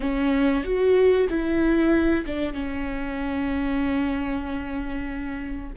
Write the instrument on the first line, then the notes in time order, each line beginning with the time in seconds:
viola
0.00 C#4
0.64 F#4
1.29 E4
2.25 D4
2.53 C#4